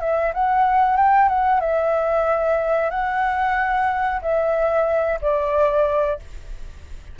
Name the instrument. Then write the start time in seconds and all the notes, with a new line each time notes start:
flute
0.00 E5
0.34 F#5
0.96 G5
1.28 F#5
1.60 E5
2.90 F#5
4.22 E5
5.21 D5